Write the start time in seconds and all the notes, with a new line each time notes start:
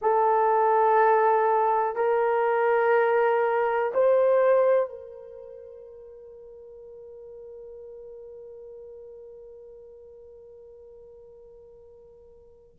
0.01 A4
1.95 A#4
3.93 C5
4.89 A#4